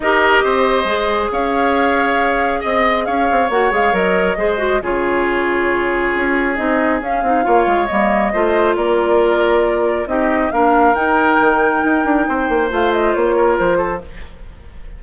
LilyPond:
<<
  \new Staff \with { instrumentName = "flute" } { \time 4/4 \tempo 4 = 137 dis''2. f''4~ | f''2 dis''4 f''4 | fis''8 f''8 dis''2 cis''4~ | cis''2. dis''4 |
f''2 dis''2 | d''2. dis''4 | f''4 g''2.~ | g''4 f''8 dis''8 cis''4 c''4 | }
  \new Staff \with { instrumentName = "oboe" } { \time 4/4 ais'4 c''2 cis''4~ | cis''2 dis''4 cis''4~ | cis''2 c''4 gis'4~ | gis'1~ |
gis'4 cis''2 c''4 | ais'2. g'4 | ais'1 | c''2~ c''8 ais'4 a'8 | }
  \new Staff \with { instrumentName = "clarinet" } { \time 4/4 g'2 gis'2~ | gis'1 | fis'8 gis'8 ais'4 gis'8 fis'8 f'4~ | f'2. dis'4 |
cis'8 dis'8 f'4 ais4 f'4~ | f'2. dis'4 | d'4 dis'2.~ | dis'4 f'2. | }
  \new Staff \with { instrumentName = "bassoon" } { \time 4/4 dis'4 c'4 gis4 cis'4~ | cis'2 c'4 cis'8 c'8 | ais8 gis8 fis4 gis4 cis4~ | cis2 cis'4 c'4 |
cis'8 c'8 ais8 gis8 g4 a4 | ais2. c'4 | ais4 dis'4 dis4 dis'8 d'8 | c'8 ais8 a4 ais4 f4 | }
>>